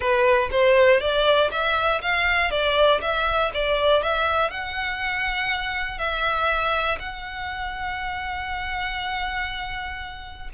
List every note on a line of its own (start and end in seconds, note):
0.00 0.49 B4
0.51 1.00 C5
1.00 1.50 D5
1.51 2.01 E5
2.01 2.50 F5
2.50 3.00 D5
3.01 3.51 E5
3.54 4.02 D5
4.02 4.50 E5
4.50 5.98 F#5
5.98 6.98 E5
6.99 10.49 F#5